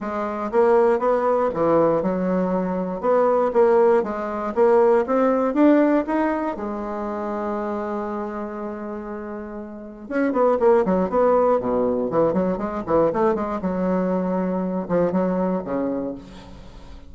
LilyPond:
\new Staff \with { instrumentName = "bassoon" } { \time 4/4 \tempo 4 = 119 gis4 ais4 b4 e4 | fis2 b4 ais4 | gis4 ais4 c'4 d'4 | dis'4 gis2.~ |
gis1 | cis'8 b8 ais8 fis8 b4 b,4 | e8 fis8 gis8 e8 a8 gis8 fis4~ | fis4. f8 fis4 cis4 | }